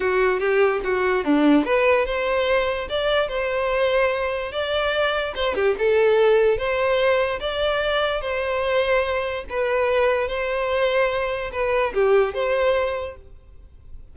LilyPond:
\new Staff \with { instrumentName = "violin" } { \time 4/4 \tempo 4 = 146 fis'4 g'4 fis'4 d'4 | b'4 c''2 d''4 | c''2. d''4~ | d''4 c''8 g'8 a'2 |
c''2 d''2 | c''2. b'4~ | b'4 c''2. | b'4 g'4 c''2 | }